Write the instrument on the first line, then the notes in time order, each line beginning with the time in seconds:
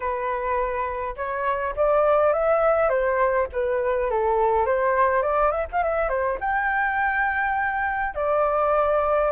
flute
0.00 B4
1.16 C#5
1.76 D5
2.33 E5
2.89 C5
3.52 B4
4.10 A4
4.65 C5
5.22 D5
5.51 E5
5.71 F5
5.83 E5
6.08 C5
6.40 G5
8.14 D5